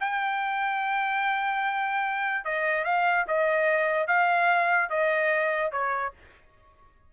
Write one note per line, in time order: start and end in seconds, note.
0.00 2.45 G5
2.45 2.84 D#5
2.84 3.25 F5
3.28 4.07 D#5
4.07 4.90 F5
4.90 5.72 D#5
5.72 6.13 C#5